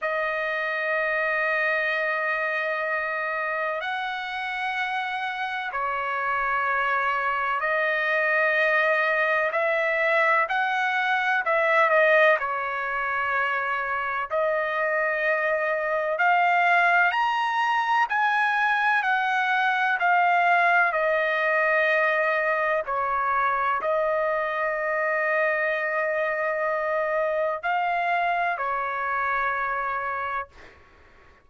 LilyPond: \new Staff \with { instrumentName = "trumpet" } { \time 4/4 \tempo 4 = 63 dis''1 | fis''2 cis''2 | dis''2 e''4 fis''4 | e''8 dis''8 cis''2 dis''4~ |
dis''4 f''4 ais''4 gis''4 | fis''4 f''4 dis''2 | cis''4 dis''2.~ | dis''4 f''4 cis''2 | }